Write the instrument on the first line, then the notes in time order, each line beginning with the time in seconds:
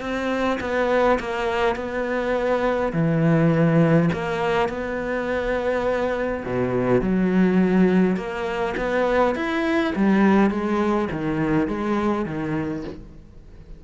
cello
0.00 C4
0.60 B3
1.19 A#3
1.76 B3
2.93 E3
4.13 A#3
4.68 B3
6.45 B2
7.01 F#3
8.16 A#3
8.77 B3
9.35 E4
9.95 G3
10.50 G#3
11.11 D#3
11.67 G#3
12.25 D#3